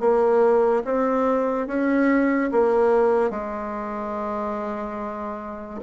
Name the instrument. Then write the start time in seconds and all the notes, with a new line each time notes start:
bassoon
0.00 A#3
0.84 C4
1.67 C#4
2.52 A#3
3.30 G#3